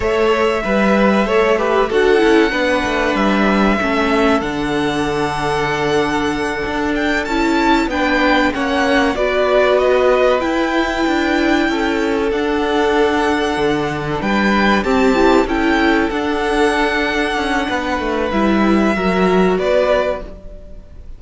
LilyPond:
<<
  \new Staff \with { instrumentName = "violin" } { \time 4/4 \tempo 4 = 95 e''2. fis''4~ | fis''4 e''2 fis''4~ | fis''2. g''8 a''8~ | a''8 g''4 fis''4 d''4 dis''8~ |
dis''8 g''2. fis''8~ | fis''2~ fis''8 g''4 a''8~ | a''8 g''4 fis''2~ fis''8~ | fis''4 e''2 d''4 | }
  \new Staff \with { instrumentName = "violin" } { \time 4/4 cis''4 b'4 cis''8 b'8 a'4 | b'2 a'2~ | a'1~ | a'8 b'4 cis''4 b'4.~ |
b'2~ b'8 a'4.~ | a'2~ a'8 b'4 g'8~ | g'8 a'2.~ a'8 | b'2 ais'4 b'4 | }
  \new Staff \with { instrumentName = "viola" } { \time 4/4 a'4 b'4 a'8 g'8 fis'8 e'8 | d'2 cis'4 d'4~ | d'2.~ d'8 e'8~ | e'8 d'4 cis'4 fis'4.~ |
fis'8 e'2. d'8~ | d'2.~ d'8 c'8 | e8 e'4 d'2~ d'8~ | d'4 e'4 fis'2 | }
  \new Staff \with { instrumentName = "cello" } { \time 4/4 a4 g4 a4 d'8 cis'8 | b8 a8 g4 a4 d4~ | d2~ d8 d'4 cis'8~ | cis'8 b4 ais4 b4.~ |
b8 e'4 d'4 cis'4 d'8~ | d'4. d4 g4 c'8~ | c'8 cis'4 d'2 cis'8 | b8 a8 g4 fis4 b4 | }
>>